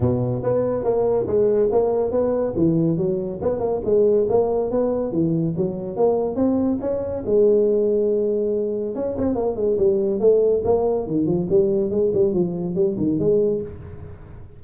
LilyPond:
\new Staff \with { instrumentName = "tuba" } { \time 4/4 \tempo 4 = 141 b,4 b4 ais4 gis4 | ais4 b4 e4 fis4 | b8 ais8 gis4 ais4 b4 | e4 fis4 ais4 c'4 |
cis'4 gis2.~ | gis4 cis'8 c'8 ais8 gis8 g4 | a4 ais4 dis8 f8 g4 | gis8 g8 f4 g8 dis8 gis4 | }